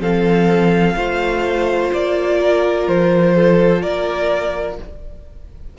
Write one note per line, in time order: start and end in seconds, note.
0.00 0.95 F3
0.00 0.97 C4
0.00 0.96 A4
0.00 1.92 F5
0.96 1.91 A3
0.96 4.78 F4
0.96 2.39 C5
1.93 2.88 A#3
1.93 2.88 D5
2.40 3.35 A#4
2.88 3.83 F3
2.88 3.82 C5
3.35 3.82 A4
3.82 4.78 A#3
3.82 4.77 A#4
3.82 4.77 D5